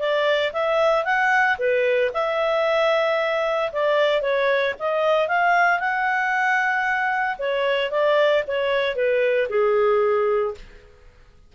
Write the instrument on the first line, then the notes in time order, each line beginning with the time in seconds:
clarinet
0.00 D5
0.53 E5
1.05 F#5
1.59 B4
2.14 E5
3.73 D5
4.22 C#5
4.80 D#5
5.29 F5
5.80 F#5
7.39 C#5
7.91 D5
8.48 C#5
8.96 B4
9.50 G#4